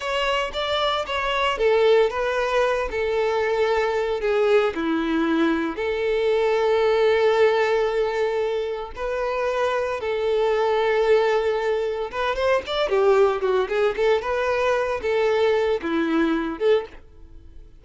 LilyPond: \new Staff \with { instrumentName = "violin" } { \time 4/4 \tempo 4 = 114 cis''4 d''4 cis''4 a'4 | b'4. a'2~ a'8 | gis'4 e'2 a'4~ | a'1~ |
a'4 b'2 a'4~ | a'2. b'8 c''8 | d''8 g'4 fis'8 gis'8 a'8 b'4~ | b'8 a'4. e'4. a'8 | }